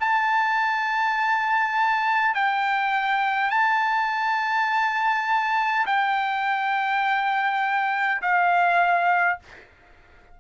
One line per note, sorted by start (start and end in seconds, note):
0.00 2.34 A5
2.34 3.50 G5
3.50 5.86 A5
5.86 8.21 G5
8.21 9.39 F5